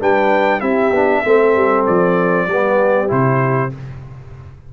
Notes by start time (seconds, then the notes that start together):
0.00 G3 D4 B4 G5
0.60 C4 E4 G4 E5
0.90 B3 D4
1.23 A3 C4 A4
1.56 G3
1.86 F3 D5
2.47 G3 B3 G4
3.07 C3 E4 C5